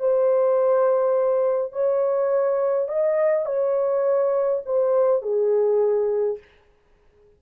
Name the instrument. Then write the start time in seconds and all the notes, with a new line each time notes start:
horn
0.00 C5
1.73 C#5
2.89 D#5
3.46 C#5
4.66 C5
5.22 G#4